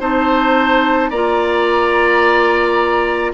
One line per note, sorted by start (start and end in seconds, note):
0.00 1.11 C4
0.00 1.11 D#4
0.00 1.10 C5
0.00 1.10 A5
1.10 3.33 A#3
1.10 3.34 F4
1.10 3.32 D5
1.10 3.32 A#5